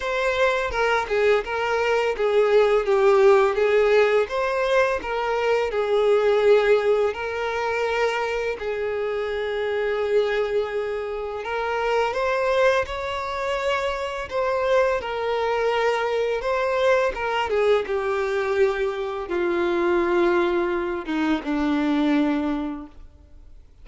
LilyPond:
\new Staff \with { instrumentName = "violin" } { \time 4/4 \tempo 4 = 84 c''4 ais'8 gis'8 ais'4 gis'4 | g'4 gis'4 c''4 ais'4 | gis'2 ais'2 | gis'1 |
ais'4 c''4 cis''2 | c''4 ais'2 c''4 | ais'8 gis'8 g'2 f'4~ | f'4. dis'8 d'2 | }